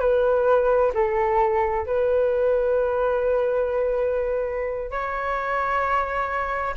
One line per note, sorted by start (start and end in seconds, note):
0.00 0.92 B4
0.94 1.86 A4
1.86 4.91 B4
4.91 6.74 C#5